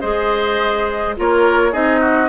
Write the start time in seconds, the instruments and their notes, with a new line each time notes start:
0.00 bassoon G#3, clarinet G#4, oboe C5, flute D#5
1.16 bassoon A#3, clarinet F4, oboe A#4, flute C#5
1.71 bassoon C4, clarinet D#4, oboe G#4, flute D#5
2.00 oboe F#4